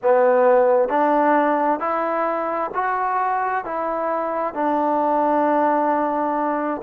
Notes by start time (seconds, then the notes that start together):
0.02 B3
0.88 D4
1.79 E4
2.74 F#4
3.64 E4
4.54 D4